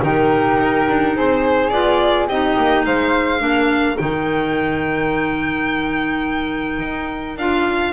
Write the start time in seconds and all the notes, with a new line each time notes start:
0.00 D#3 D#4 G4 A#4
0.56 D#4
0.88 D4
1.16 C4 G#4 C5
1.69 B3 F4 D5
2.26 C4 D#4 G4 D#5
2.56 A#3
2.85 G#3 C5 F5
3.38 A#3 D4 A#4
3.97 D#3 D#4 G5
6.79 D#4
7.36 D4 F4 F5